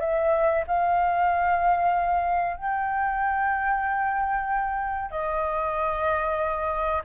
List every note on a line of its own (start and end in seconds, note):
0.00 0.64 E5
0.67 2.57 F5
2.57 5.11 G5
5.11 7.02 D#5